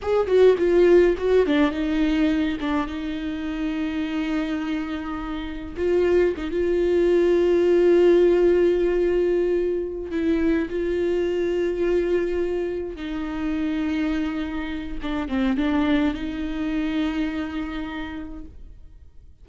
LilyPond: \new Staff \with { instrumentName = "viola" } { \time 4/4 \tempo 4 = 104 gis'8 fis'8 f'4 fis'8 d'8 dis'4~ | dis'8 d'8 dis'2.~ | dis'2 f'4 dis'16 f'8.~ | f'1~ |
f'4. e'4 f'4.~ | f'2~ f'8 dis'4.~ | dis'2 d'8 c'8 d'4 | dis'1 | }